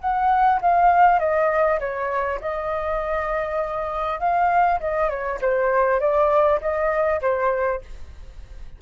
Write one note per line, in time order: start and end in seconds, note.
0.00 0.60 F#5
0.61 1.19 F5
1.19 1.79 D#5
1.80 2.40 C#5
2.41 4.19 D#5
4.19 4.79 F5
4.80 5.09 D#5
5.09 5.39 C#5
5.41 6.00 C5
6.00 6.60 D5
6.61 7.21 D#5
7.21 7.81 C5